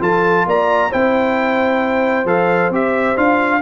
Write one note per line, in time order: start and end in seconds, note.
0.00 0.46 F3
0.00 0.90 F4
0.00 0.46 A4
0.00 0.47 A5
0.46 0.91 A#3
0.46 0.90 D5
0.46 0.92 A#5
0.90 2.25 C4
0.90 2.26 E4
0.90 3.60 C5
0.90 2.27 G5
2.25 2.70 F3
2.25 2.71 A4
2.25 2.72 F5
2.70 3.15 C4
2.70 3.16 G4
2.70 3.17 E5
3.16 3.61 D4
3.16 3.61 F4
3.16 3.61 F5